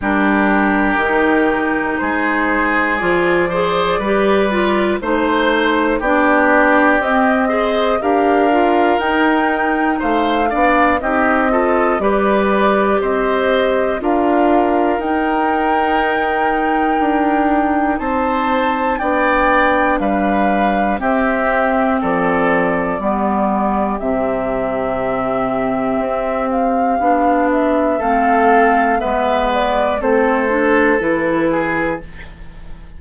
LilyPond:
<<
  \new Staff \with { instrumentName = "flute" } { \time 4/4 \tempo 4 = 60 ais'2 c''4 d''4~ | d''4 c''4 d''4 dis''4 | f''4 g''4 f''4 dis''4 | d''4 dis''4 f''4 g''4~ |
g''2 a''4 g''4 | f''4 e''4 d''2 | e''2~ e''8 f''4 e''8 | f''4 e''8 d''8 c''4 b'4 | }
  \new Staff \with { instrumentName = "oboe" } { \time 4/4 g'2 gis'4. c''8 | b'4 c''4 g'4. c''8 | ais'2 c''8 d''8 g'8 a'8 | b'4 c''4 ais'2~ |
ais'2 c''4 d''4 | b'4 g'4 a'4 g'4~ | g'1 | a'4 b'4 a'4. gis'8 | }
  \new Staff \with { instrumentName = "clarinet" } { \time 4/4 d'4 dis'2 f'8 gis'8 | g'8 f'8 dis'4 d'4 c'8 gis'8 | g'8 f'8 dis'4. d'8 dis'8 f'8 | g'2 f'4 dis'4~ |
dis'2. d'4~ | d'4 c'2 b4 | c'2. d'4 | c'4 b4 c'8 d'8 e'4 | }
  \new Staff \with { instrumentName = "bassoon" } { \time 4/4 g4 dis4 gis4 f4 | g4 a4 b4 c'4 | d'4 dis'4 a8 b8 c'4 | g4 c'4 d'4 dis'4~ |
dis'4 d'4 c'4 b4 | g4 c'4 f4 g4 | c2 c'4 b4 | a4 gis4 a4 e4 | }
>>